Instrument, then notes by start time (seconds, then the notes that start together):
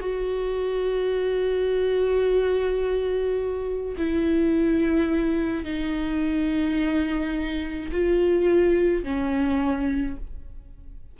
viola
0.00 F#4
3.97 E4
5.64 D#4
7.91 F4
9.03 C#4